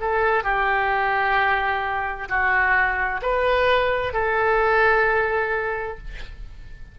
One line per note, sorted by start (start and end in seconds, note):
0.00 0.44 A4
0.44 2.28 G4
2.29 3.21 F#4
3.22 4.13 B4
4.13 5.98 A4